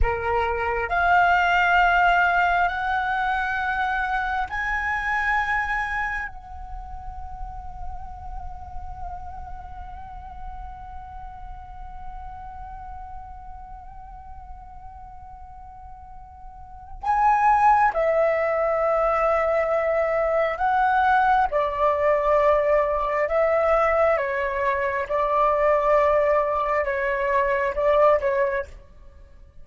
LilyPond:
\new Staff \with { instrumentName = "flute" } { \time 4/4 \tempo 4 = 67 ais'4 f''2 fis''4~ | fis''4 gis''2 fis''4~ | fis''1~ | fis''1~ |
fis''2. gis''4 | e''2. fis''4 | d''2 e''4 cis''4 | d''2 cis''4 d''8 cis''8 | }